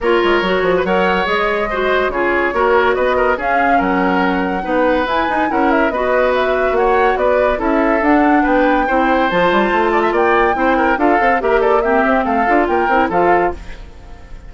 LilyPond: <<
  \new Staff \with { instrumentName = "flute" } { \time 4/4 \tempo 4 = 142 cis''2 fis''4 dis''4~ | dis''4 cis''2 dis''4 | f''4 fis''2. | gis''4 fis''8 e''8 dis''4 e''4 |
fis''4 d''4 e''4 fis''4 | g''2 a''2 | g''2 f''4 e''8 d''8 | e''4 f''4 g''4 f''4 | }
  \new Staff \with { instrumentName = "oboe" } { \time 4/4 ais'4.~ ais'16 b'16 cis''2 | c''4 gis'4 ais'4 b'8 ais'8 | gis'4 ais'2 b'4~ | b'4 ais'4 b'2 |
cis''4 b'4 a'2 | b'4 c''2~ c''8 d''16 e''16 | d''4 c''8 ais'8 a'4 ais'8 a'8 | g'4 a'4 ais'4 a'4 | }
  \new Staff \with { instrumentName = "clarinet" } { \time 4/4 f'4 fis'4 ais'4 gis'4 | fis'4 f'4 fis'2 | cis'2. dis'4 | e'8 dis'8 e'4 fis'2~ |
fis'2 e'4 d'4~ | d'4 e'4 f'2~ | f'4 e'4 f'8 a'8 g'4 | c'4. f'4 e'8 f'4 | }
  \new Staff \with { instrumentName = "bassoon" } { \time 4/4 ais8 gis8 fis8 f8 fis4 gis4~ | gis4 cis4 ais4 b4 | cis'4 fis2 b4 | e'8 dis'8 cis'4 b2 |
ais4 b4 cis'4 d'4 | b4 c'4 f8 g8 a4 | ais4 c'4 d'8 c'8 ais4~ | ais8 c'8 a8 d'8 ais8 c'8 f4 | }
>>